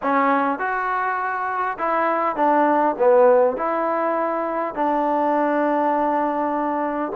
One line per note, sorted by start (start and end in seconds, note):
0.02 0.58 C#4
0.58 1.77 F#4
1.78 2.36 E4
2.36 2.95 D4
2.98 3.56 B3
3.56 4.74 E4
4.74 7.12 D4